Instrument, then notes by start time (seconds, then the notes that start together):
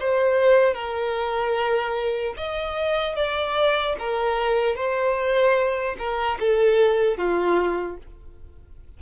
violin
0.00 C5
0.75 A#4
2.37 D#5
3.16 D5
3.99 A#4
4.76 C5
5.99 A#4
6.40 A4
7.18 F4